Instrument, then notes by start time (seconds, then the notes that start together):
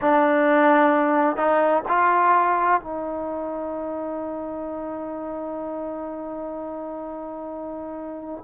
trombone
0.01 D4
1.36 D#4
1.88 F4
2.81 D#4